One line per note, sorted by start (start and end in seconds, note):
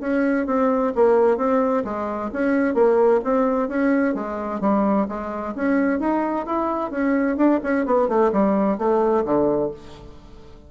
0.00 0.46 C#4
0.46 0.93 C4
0.95 1.37 A#3
1.37 1.83 C4
1.84 2.30 G#3
2.33 2.74 C#4
2.74 3.21 A#3
3.24 3.68 C4
3.68 4.14 C#4
4.14 4.60 G#3
4.60 5.07 G3
5.08 5.54 G#3
5.55 6.00 C#4
6.00 6.46 D#4
6.46 6.91 E4
6.91 7.37 C#4
7.37 7.60 D4
7.63 7.85 C#4
7.85 8.08 B3
8.08 8.31 A3
8.32 8.78 G3
8.78 9.24 A3
9.25 9.71 D3